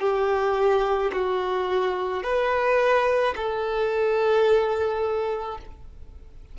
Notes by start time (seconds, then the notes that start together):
0.00 G4
1.12 F#4
2.23 B4
3.35 A4